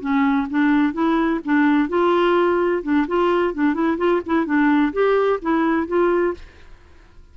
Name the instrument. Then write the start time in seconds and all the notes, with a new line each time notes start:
clarinet
0.00 C#4
0.50 D4
0.93 E4
1.45 D4
1.89 F4
2.83 D4
3.07 F4
3.54 D4
3.74 E4
3.97 F4
4.25 E4
4.45 D4
4.93 G4
5.41 E4
5.87 F4